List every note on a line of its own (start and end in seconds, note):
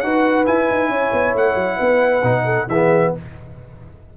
0.00 0.47 D#4
0.00 0.46 F#4
0.00 0.90 B4
0.00 0.44 F#5
0.46 2.22 E4
0.46 0.70 E4
0.46 1.35 G#5
0.70 0.89 D#4
0.89 1.11 C#4
0.89 1.77 C#5
1.12 1.34 B3
1.34 1.55 A3
1.34 2.69 F#5
1.55 1.77 F#3
1.77 2.23 B3
1.77 2.43 B4
2.23 2.67 B2
2.23 2.67 D#4
2.45 2.67 A4
2.67 3.11 E3
2.67 3.17 B3
2.67 3.13 G#4
2.67 3.13 E5